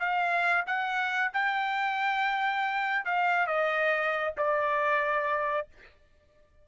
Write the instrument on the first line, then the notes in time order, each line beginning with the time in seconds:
trumpet
0.00 F5
0.67 F#5
1.34 G5
3.06 F5
3.47 D#5
4.38 D5